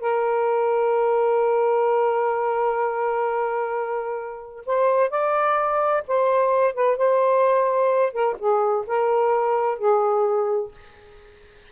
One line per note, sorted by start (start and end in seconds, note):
0.00 4.65 A#4
4.66 5.10 C5
5.10 6.03 D5
6.08 6.74 C5
6.74 6.97 B4
6.97 8.12 C5
8.12 8.36 A#4
8.39 8.85 G#4
8.87 9.78 A#4
9.78 10.71 G#4